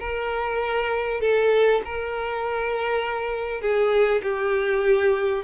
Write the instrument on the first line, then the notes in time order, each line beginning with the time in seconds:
violin
0.00 A#4
1.21 A4
1.85 A#4
3.61 G#4
4.23 G4